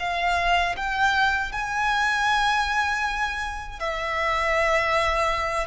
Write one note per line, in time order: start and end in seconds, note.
0.00 0.76 F5
0.76 1.52 G5
1.52 3.80 G#5
3.80 5.67 E5